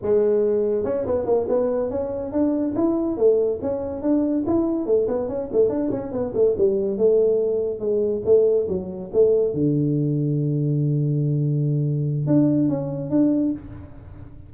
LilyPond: \new Staff \with { instrumentName = "tuba" } { \time 4/4 \tempo 4 = 142 gis2 cis'8 b8 ais8 b8~ | b8 cis'4 d'4 e'4 a8~ | a8 cis'4 d'4 e'4 a8 | b8 cis'8 a8 d'8 cis'8 b8 a8 g8~ |
g8 a2 gis4 a8~ | a8 fis4 a4 d4.~ | d1~ | d4 d'4 cis'4 d'4 | }